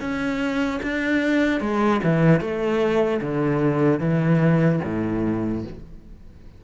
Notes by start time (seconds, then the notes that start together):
0.00 C#4
0.83 D4
1.61 G#3
2.03 E3
2.41 A3
3.21 D3
4.00 E3
4.84 A2